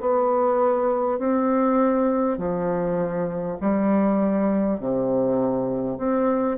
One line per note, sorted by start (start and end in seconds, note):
0.00 1.19 B3
1.19 2.38 C4
2.38 3.58 F3
3.61 4.80 G3
4.80 5.98 C3
5.98 6.58 C4